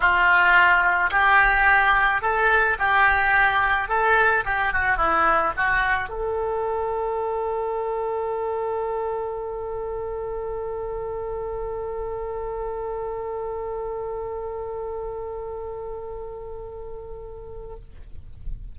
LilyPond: \new Staff \with { instrumentName = "oboe" } { \time 4/4 \tempo 4 = 108 f'2 g'2 | a'4 g'2 a'4 | g'8 fis'8 e'4 fis'4 a'4~ | a'1~ |
a'1~ | a'1~ | a'1~ | a'1 | }